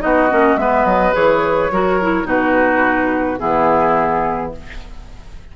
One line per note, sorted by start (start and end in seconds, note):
0.00 0.31 B3
0.00 0.28 D#4
0.00 0.60 F#4
0.00 0.57 D#5
0.30 0.56 A#3
0.30 0.58 C#4
0.56 0.84 G#3
0.56 1.13 B3
0.56 1.73 B4
0.56 0.85 E5
0.85 1.13 F#3
0.85 1.14 D#5
1.13 1.71 E3
1.13 1.70 G#4
1.13 2.28 C#5
1.71 2.25 F#3
1.71 2.01 F#4
1.71 2.27 A#4
2.01 2.24 E4
2.24 3.38 B2
2.24 3.37 D#4
2.24 3.39 F#4
2.24 3.39 B4
3.39 4.56 E3
3.39 4.52 B3
3.39 4.53 E4
3.39 4.52 G#4